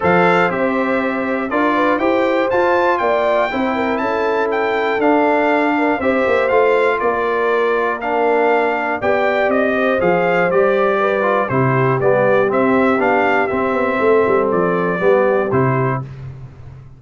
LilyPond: <<
  \new Staff \with { instrumentName = "trumpet" } { \time 4/4 \tempo 4 = 120 f''4 e''2 d''4 | g''4 a''4 g''2 | a''4 g''4 f''2 | e''4 f''4 d''2 |
f''2 g''4 dis''4 | f''4 d''2 c''4 | d''4 e''4 f''4 e''4~ | e''4 d''2 c''4 | }
  \new Staff \with { instrumentName = "horn" } { \time 4/4 c''2. ais'8 b'8 | c''2 d''4 c''8 ais'8 | a'2.~ a'8 ais'8 | c''2 ais'2~ |
ais'2 d''4. c''8~ | c''2 b'4 g'4~ | g'1 | a'2 g'2 | }
  \new Staff \with { instrumentName = "trombone" } { \time 4/4 a'4 g'2 f'4 | g'4 f'2 e'4~ | e'2 d'2 | g'4 f'2. |
d'2 g'2 | gis'4 g'4. f'8 e'4 | b4 c'4 d'4 c'4~ | c'2 b4 e'4 | }
  \new Staff \with { instrumentName = "tuba" } { \time 4/4 f4 c'2 d'4 | e'4 f'4 ais4 c'4 | cis'2 d'2 | c'8 ais8 a4 ais2~ |
ais2 b4 c'4 | f4 g2 c4 | g4 c'4 b4 c'8 b8 | a8 g8 f4 g4 c4 | }
>>